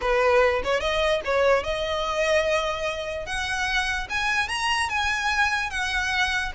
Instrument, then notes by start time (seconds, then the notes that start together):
violin
0.01 B4
0.64 C#5
0.80 D#5
1.24 C#5
1.63 D#5
3.26 F#5
4.09 G#5
4.48 A#5
4.89 G#5
5.70 F#5